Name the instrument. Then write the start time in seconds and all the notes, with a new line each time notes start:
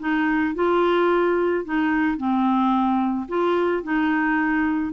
clarinet
0.00 D#4
0.55 F4
1.65 D#4
2.17 C4
3.29 F4
3.84 D#4